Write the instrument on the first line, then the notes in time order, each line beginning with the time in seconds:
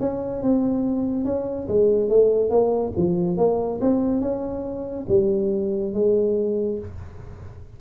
tuba
0.00 C#4
0.43 C4
1.25 C#4
1.68 G#3
2.09 A3
2.50 A#3
2.97 F3
3.38 A#3
3.81 C4
4.21 C#4
5.09 G3
5.94 G#3